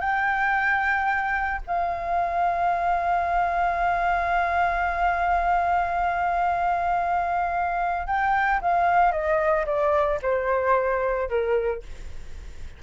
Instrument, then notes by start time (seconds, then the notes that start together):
flute
0.00 G5
1.67 F5
8.07 G5
8.62 F5
9.12 D#5
9.66 D5
10.22 C5
11.29 A#4